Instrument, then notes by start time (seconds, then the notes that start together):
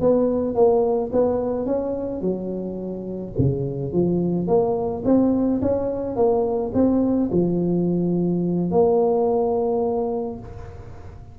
tuba
0.00 B3
0.54 A#3
1.12 B3
1.66 C#4
2.21 F#3
3.38 C#3
3.92 F3
4.47 A#3
5.04 C4
5.61 C#4
6.16 A#3
6.73 C4
7.31 F3
8.71 A#3